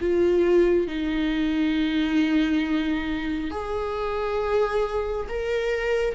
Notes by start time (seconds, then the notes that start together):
0.00 F4
0.87 D#4
3.51 G#4
5.28 A#4